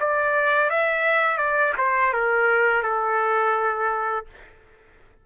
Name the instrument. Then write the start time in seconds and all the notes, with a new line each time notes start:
trumpet
0.00 D5
0.70 E5
1.37 D5
1.77 C5
2.13 A#4
2.82 A4